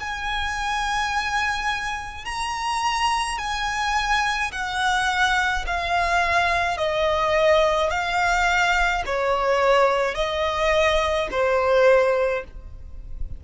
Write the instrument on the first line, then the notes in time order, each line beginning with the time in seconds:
violin
0.00 G#5
2.25 A#5
3.39 G#5
4.52 F#5
5.67 F5
6.78 D#5
7.90 F5
9.06 C#5
10.15 D#5
11.31 C5